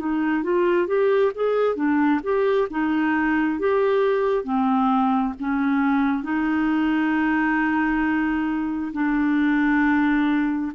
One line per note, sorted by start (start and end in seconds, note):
0.00 0.44 D#4
0.44 0.88 F4
0.88 1.32 G4
1.35 1.76 G#4
1.76 2.21 D4
2.24 2.69 G4
2.71 3.60 D#4
3.60 4.45 G4
4.45 5.34 C4
5.40 6.24 C#4
6.24 8.93 D#4
8.93 10.72 D4